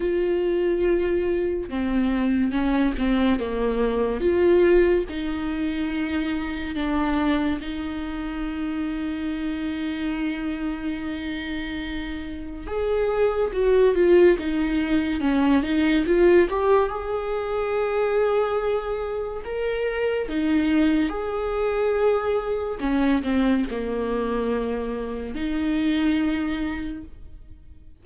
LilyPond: \new Staff \with { instrumentName = "viola" } { \time 4/4 \tempo 4 = 71 f'2 c'4 cis'8 c'8 | ais4 f'4 dis'2 | d'4 dis'2.~ | dis'2. gis'4 |
fis'8 f'8 dis'4 cis'8 dis'8 f'8 g'8 | gis'2. ais'4 | dis'4 gis'2 cis'8 c'8 | ais2 dis'2 | }